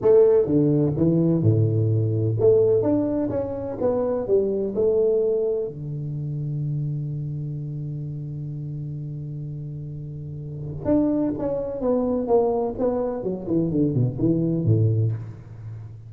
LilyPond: \new Staff \with { instrumentName = "tuba" } { \time 4/4 \tempo 4 = 127 a4 d4 e4 a,4~ | a,4 a4 d'4 cis'4 | b4 g4 a2 | d1~ |
d1~ | d2. d'4 | cis'4 b4 ais4 b4 | fis8 e8 d8 b,8 e4 a,4 | }